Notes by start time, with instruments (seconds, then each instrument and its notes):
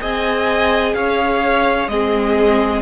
0.00 cello C4, viola G#4, violin D#5 G#5
0.94 cello C#4, violin C#5 F5
1.87 cello G#3, viola C4, violin G#4 D#5